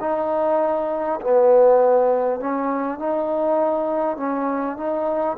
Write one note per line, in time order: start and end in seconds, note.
0.00 1.20 D#4
1.21 2.40 B3
2.40 2.98 C#4
2.98 4.17 D#4
4.17 4.77 C#4
4.77 5.37 D#4